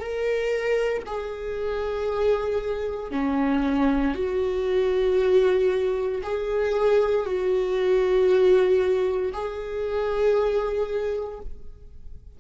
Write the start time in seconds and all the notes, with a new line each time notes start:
0.00 A#4
1.07 G#4
3.12 C#4
4.15 F#4
6.24 G#4
7.26 F#4
9.33 G#4